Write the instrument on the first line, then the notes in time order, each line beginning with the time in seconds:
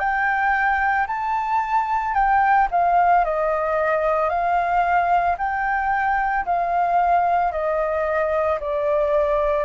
flute
0.00 G5
1.07 A5
2.15 G5
2.71 F5
3.25 D#5
4.30 F5
5.38 G5
6.46 F5
7.52 D#5
8.61 D5